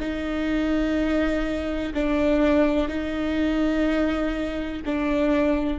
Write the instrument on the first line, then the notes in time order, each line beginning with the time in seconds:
viola
0.00 D#4
1.94 D4
2.88 D#4
4.86 D4